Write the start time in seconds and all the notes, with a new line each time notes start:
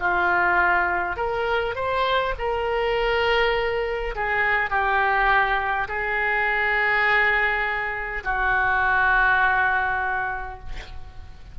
0.00 F4
1.17 A#4
1.75 C5
2.39 A#4
4.16 G#4
4.71 G4
5.88 G#4
8.24 F#4